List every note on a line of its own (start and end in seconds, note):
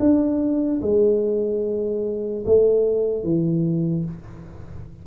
0.00 0.81 D4
0.82 2.44 G#3
2.46 3.24 A3
3.24 4.05 E3